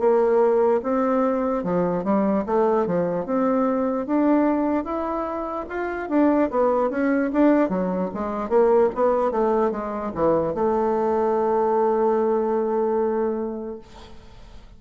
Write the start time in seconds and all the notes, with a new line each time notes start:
0.00 A#3
0.83 C4
1.64 F3
2.05 G3
2.47 A3
2.87 F3
3.26 C4
4.07 D4
4.85 E4
5.69 F4
6.10 D4
6.51 B3
6.91 C#4
7.33 D4
7.70 F#3
8.14 G#3
8.50 A#3
8.95 B3
9.31 A3
9.72 G#3
10.15 E3
10.55 A3